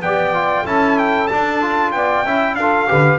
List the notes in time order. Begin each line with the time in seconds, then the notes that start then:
0.00 B3 G4 D5 G5
0.34 F4
0.64 C#4 E4 A4 A5
0.99 G5
1.27 D4 A5
1.62 F4
1.92 B3 D5 G5
2.24 C#4 E4 E5
2.54 D4 A4 F5
2.61 F4
2.88 D3 G4 B4